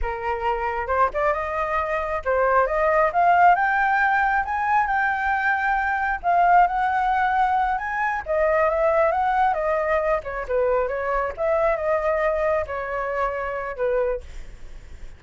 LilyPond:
\new Staff \with { instrumentName = "flute" } { \time 4/4 \tempo 4 = 135 ais'2 c''8 d''8 dis''4~ | dis''4 c''4 dis''4 f''4 | g''2 gis''4 g''4~ | g''2 f''4 fis''4~ |
fis''4. gis''4 dis''4 e''8~ | e''8 fis''4 dis''4. cis''8 b'8~ | b'8 cis''4 e''4 dis''4.~ | dis''8 cis''2~ cis''8 b'4 | }